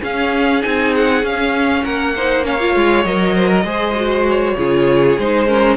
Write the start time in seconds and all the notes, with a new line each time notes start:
0.00 C#4 G#4 F5
0.61 C4 D#4 G#5
0.96 F#5
1.23 C#4 F5
1.84 A#3 A#4 F#5
2.16 D#4 C5
2.43 C#4 C#5 F5
2.60 F4
2.76 G#3
3.04 F#3 A#4 D#5
3.35 C5
3.49 A#4
3.64 G#3 G#4 C5
3.95 F#4
4.29 C#5
4.56 C#3 F4 G#4
5.19 G#3 D#4 C5
5.47 C#4 A#4